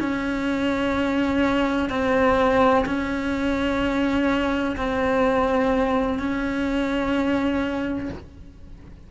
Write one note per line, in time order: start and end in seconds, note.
0.00 1.90 C#4
1.90 2.85 C4
2.86 4.77 C#4
4.77 6.19 C4
6.19 8.10 C#4